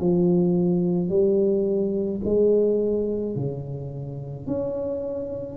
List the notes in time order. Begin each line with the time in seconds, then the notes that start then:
0.00 F3
1.10 G3
2.25 G#3
3.36 C#3
4.46 C#4